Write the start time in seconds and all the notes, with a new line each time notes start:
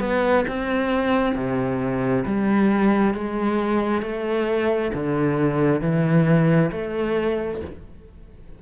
0.00 B3
0.48 C4
1.35 C3
2.26 G3
3.14 G#3
4.02 A3
4.93 D3
5.81 E3
6.72 A3